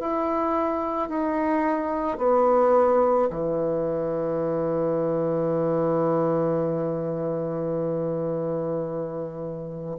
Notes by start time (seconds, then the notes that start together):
0.00 E4
1.09 D#4
2.18 B3
3.30 E3